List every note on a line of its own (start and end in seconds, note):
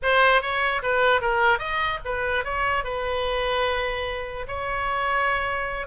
0.02 0.41 C5
0.41 0.82 C#5
0.82 1.21 B4
1.21 1.58 A#4
1.58 1.99 D#5
2.04 2.44 B4
2.44 2.84 C#5
2.84 4.46 B4
4.47 5.87 C#5